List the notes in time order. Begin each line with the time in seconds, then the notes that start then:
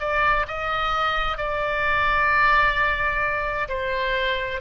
0.00 D5
0.48 D#5
1.38 D5
3.69 C5